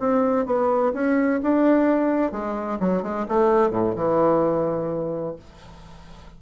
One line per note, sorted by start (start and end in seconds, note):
0.00 0.46 C4
0.46 0.93 B3
0.94 1.41 C#4
1.43 2.32 D4
2.32 2.79 G#3
2.80 3.03 F#3
3.03 3.26 G#3
3.28 3.71 A3
3.71 3.94 A2
3.95 5.36 E3